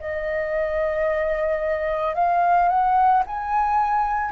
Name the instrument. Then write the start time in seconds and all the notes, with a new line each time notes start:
flute
0.00 D#5
2.15 F5
2.69 F#5
3.27 G#5